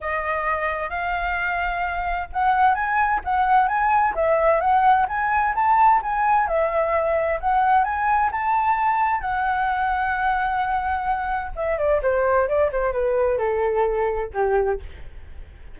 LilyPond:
\new Staff \with { instrumentName = "flute" } { \time 4/4 \tempo 4 = 130 dis''2 f''2~ | f''4 fis''4 gis''4 fis''4 | gis''4 e''4 fis''4 gis''4 | a''4 gis''4 e''2 |
fis''4 gis''4 a''2 | fis''1~ | fis''4 e''8 d''8 c''4 d''8 c''8 | b'4 a'2 g'4 | }